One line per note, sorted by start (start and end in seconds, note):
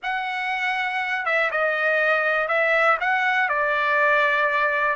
0.02 1.25 F#5
1.25 1.50 E5
1.51 2.47 D#5
2.47 2.97 E5
3.00 3.48 F#5
3.48 4.95 D5